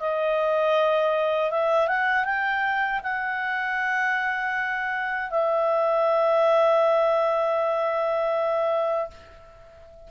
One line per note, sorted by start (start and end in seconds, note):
0.00 1.51 D#5
1.51 1.88 E5
1.88 2.25 F#5
2.25 3.01 G5
3.03 5.31 F#5
5.31 9.11 E5